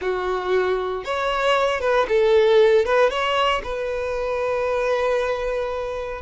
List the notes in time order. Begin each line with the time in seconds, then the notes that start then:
0.01 F#4
1.04 C#5
1.80 B4
2.08 A4
2.85 B4
3.09 C#5
3.63 B4